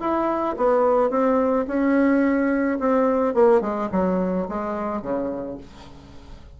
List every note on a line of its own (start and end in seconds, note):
0.00 0.56 E4
0.57 1.10 B3
1.10 1.65 C4
1.67 2.78 C#4
2.79 3.34 C4
3.34 3.61 A#3
3.61 3.89 G#3
3.91 4.47 F#3
4.48 5.01 G#3
5.01 5.57 C#3